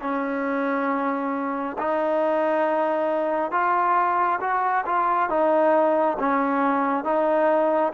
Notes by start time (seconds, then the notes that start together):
0.00 C#4
1.78 D#4
3.51 F4
4.40 F#4
4.85 F4
5.29 D#4
6.19 C#4
7.04 D#4